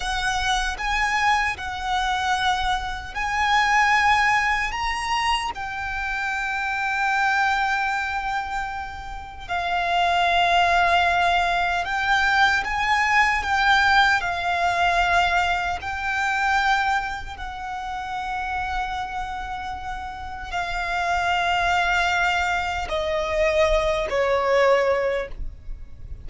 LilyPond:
\new Staff \with { instrumentName = "violin" } { \time 4/4 \tempo 4 = 76 fis''4 gis''4 fis''2 | gis''2 ais''4 g''4~ | g''1 | f''2. g''4 |
gis''4 g''4 f''2 | g''2 fis''2~ | fis''2 f''2~ | f''4 dis''4. cis''4. | }